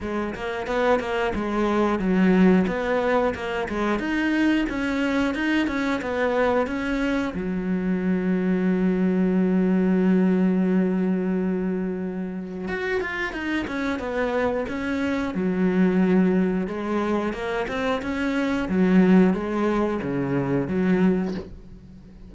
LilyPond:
\new Staff \with { instrumentName = "cello" } { \time 4/4 \tempo 4 = 90 gis8 ais8 b8 ais8 gis4 fis4 | b4 ais8 gis8 dis'4 cis'4 | dis'8 cis'8 b4 cis'4 fis4~ | fis1~ |
fis2. fis'8 f'8 | dis'8 cis'8 b4 cis'4 fis4~ | fis4 gis4 ais8 c'8 cis'4 | fis4 gis4 cis4 fis4 | }